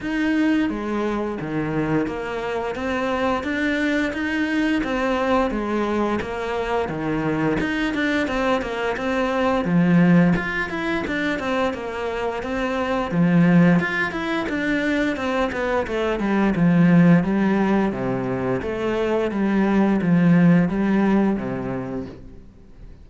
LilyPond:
\new Staff \with { instrumentName = "cello" } { \time 4/4 \tempo 4 = 87 dis'4 gis4 dis4 ais4 | c'4 d'4 dis'4 c'4 | gis4 ais4 dis4 dis'8 d'8 | c'8 ais8 c'4 f4 f'8 e'8 |
d'8 c'8 ais4 c'4 f4 | f'8 e'8 d'4 c'8 b8 a8 g8 | f4 g4 c4 a4 | g4 f4 g4 c4 | }